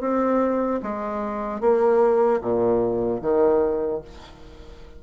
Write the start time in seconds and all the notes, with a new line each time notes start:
0.00 C4
0.83 G#3
1.60 A#3
2.41 A#2
3.21 D#3